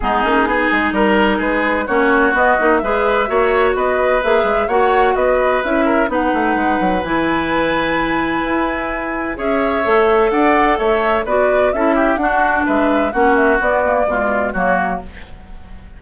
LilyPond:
<<
  \new Staff \with { instrumentName = "flute" } { \time 4/4 \tempo 4 = 128 gis'2 ais'4 b'4 | cis''4 dis''4 e''2 | dis''4 e''4 fis''4 dis''4 | e''4 fis''2 gis''4~ |
gis''1 | e''2 fis''4 e''4 | d''4 e''4 fis''4 e''4 | fis''8 e''8 d''2 cis''4 | }
  \new Staff \with { instrumentName = "oboe" } { \time 4/4 dis'4 gis'4 ais'4 gis'4 | fis'2 b'4 cis''4 | b'2 cis''4 b'4~ | b'8 ais'8 b'2.~ |
b'1 | cis''2 d''4 cis''4 | b'4 a'8 g'8 fis'4 b'4 | fis'2 f'4 fis'4 | }
  \new Staff \with { instrumentName = "clarinet" } { \time 4/4 b8 cis'8 dis'2. | cis'4 b8 dis'8 gis'4 fis'4~ | fis'4 gis'4 fis'2 | e'4 dis'2 e'4~ |
e'1 | gis'4 a'2. | fis'4 e'4 d'2 | cis'4 b8 ais8 gis4 ais4 | }
  \new Staff \with { instrumentName = "bassoon" } { \time 4/4 gis8 ais8 b8 gis8 g4 gis4 | ais4 b8 ais8 gis4 ais4 | b4 ais8 gis8 ais4 b4 | cis'4 b8 a8 gis8 fis8 e4~ |
e2 e'2 | cis'4 a4 d'4 a4 | b4 cis'4 d'4 gis4 | ais4 b4 b,4 fis4 | }
>>